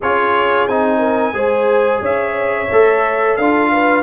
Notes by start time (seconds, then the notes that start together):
0.00 C#4 F4 G#4 C#5
0.67 C4 D#4 G#5
0.98 A#4
1.33 G#3 G#4 C5
2.00 C#4 C#5 E5
2.71 A3 A4
3.36 D4 F4 A4 F5
3.71 B4